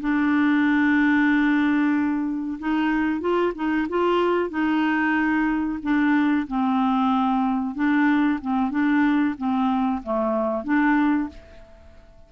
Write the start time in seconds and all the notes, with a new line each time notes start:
0.00 D4
2.59 D#4
3.21 F4
3.55 D#4
3.89 F4
4.50 D#4
5.83 D4
6.48 C4
7.75 D4
8.41 C4
8.70 D4
9.38 C4
10.03 A3
10.64 D4